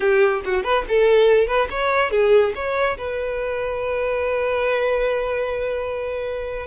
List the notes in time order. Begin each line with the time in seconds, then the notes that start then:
0.00 G4
0.45 F#4
0.63 B4
0.88 A4
1.47 B4
1.70 C#5
2.10 G#4
2.55 C#5
2.97 B4